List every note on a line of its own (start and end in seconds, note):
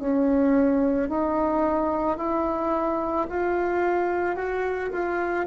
0.00 1.09 C#4
1.09 2.17 D#4
2.17 3.26 E4
3.29 4.36 F4
4.36 4.90 F#4
4.92 5.46 F4